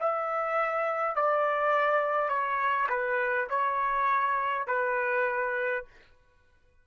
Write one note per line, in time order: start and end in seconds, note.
0.00 1.16 E5
1.16 2.29 D5
2.29 2.88 C#5
2.89 3.48 B4
3.50 4.67 C#5
4.67 5.85 B4